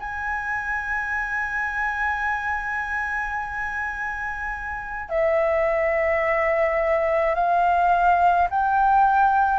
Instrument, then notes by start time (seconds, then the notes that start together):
flute
0.00 G#5
5.09 E5
7.35 F5
8.51 G5